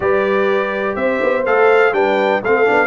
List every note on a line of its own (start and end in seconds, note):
0.00 0.95 G3
0.00 1.43 G4
0.00 0.98 B4
0.00 0.95 D5
0.95 1.19 C4
0.95 1.94 C5
0.95 1.44 E5
1.22 1.46 B3
1.45 1.92 A3
1.45 1.93 A4
1.45 1.93 F5
1.92 2.40 G3
1.92 2.41 D4
1.92 2.42 B4
1.92 2.42 G5
2.42 2.66 A3
2.42 2.65 C4
2.42 2.87 A4
2.42 2.87 F5
2.65 2.87 B3
2.65 2.87 D4